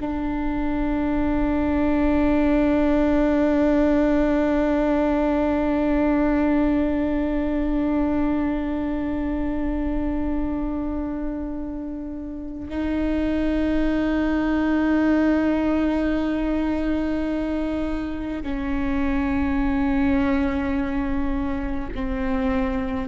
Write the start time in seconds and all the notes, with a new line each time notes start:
0.00 D4
12.69 D#4
18.42 C#4
21.94 C4